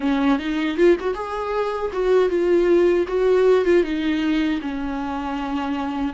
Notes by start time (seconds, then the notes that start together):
0.00 C#4
0.38 D#4
0.77 F4
1.00 F#4
1.14 G#4
1.92 F#4
2.29 F4
3.07 F#4
3.65 F4
3.83 D#4
4.62 C#4